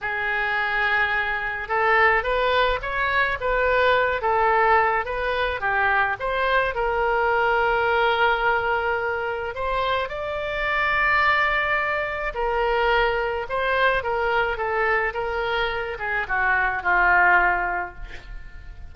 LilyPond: \new Staff \with { instrumentName = "oboe" } { \time 4/4 \tempo 4 = 107 gis'2. a'4 | b'4 cis''4 b'4. a'8~ | a'4 b'4 g'4 c''4 | ais'1~ |
ais'4 c''4 d''2~ | d''2 ais'2 | c''4 ais'4 a'4 ais'4~ | ais'8 gis'8 fis'4 f'2 | }